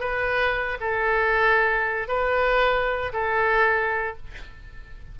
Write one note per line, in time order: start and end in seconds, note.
0.00 0.78 B4
0.81 2.08 A4
2.08 3.13 B4
3.13 4.17 A4